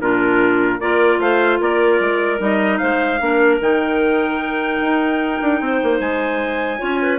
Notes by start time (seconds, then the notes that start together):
0.00 A#2 D4 F4 A#4
0.79 A#3 F4 A#4 D5
1.19 A3 C5 F5
1.60 A#3 A#4 D5
2.00 G#3
2.38 G3 D#4 D#5
2.78 G#3 C5 F5
3.20 A#3 D4 A#4
3.60 D#3 D#4 G5
4.81 D#4
5.41 D4
5.61 C4 C5
5.83 A#3
6.00 G#3 G#5
6.78 C#4 F4 C#5
7.02 B4